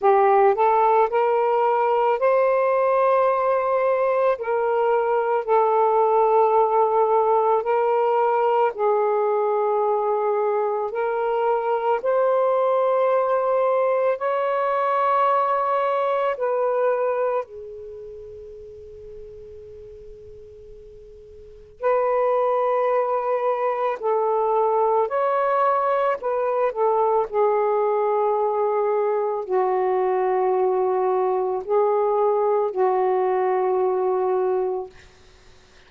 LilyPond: \new Staff \with { instrumentName = "saxophone" } { \time 4/4 \tempo 4 = 55 g'8 a'8 ais'4 c''2 | ais'4 a'2 ais'4 | gis'2 ais'4 c''4~ | c''4 cis''2 b'4 |
gis'1 | b'2 a'4 cis''4 | b'8 a'8 gis'2 fis'4~ | fis'4 gis'4 fis'2 | }